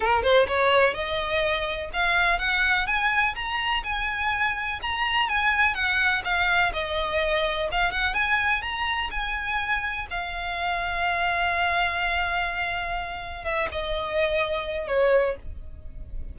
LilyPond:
\new Staff \with { instrumentName = "violin" } { \time 4/4 \tempo 4 = 125 ais'8 c''8 cis''4 dis''2 | f''4 fis''4 gis''4 ais''4 | gis''2 ais''4 gis''4 | fis''4 f''4 dis''2 |
f''8 fis''8 gis''4 ais''4 gis''4~ | gis''4 f''2.~ | f''1 | e''8 dis''2~ dis''8 cis''4 | }